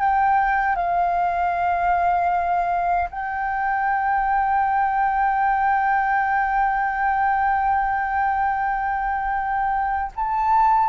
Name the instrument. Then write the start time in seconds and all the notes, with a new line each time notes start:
flute
0.00 G5
0.76 F5
3.10 G5
10.16 A5